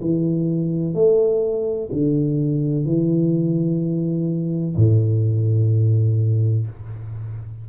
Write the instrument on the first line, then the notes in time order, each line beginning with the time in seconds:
tuba
0.00 E3
0.94 A3
1.91 D3
2.84 E3
4.76 A2